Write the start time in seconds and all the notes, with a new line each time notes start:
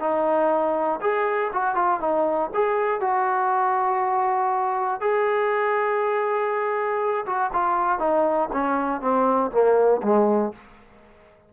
0.00 D#4
1.01 G#4
1.53 F#4
1.75 F4
2.00 D#4
2.54 G#4
3.01 F#4
5.01 G#4
7.26 F#4
7.53 F4
7.99 D#4
8.53 C#4
9.01 C4
9.52 A#3
10.03 G#3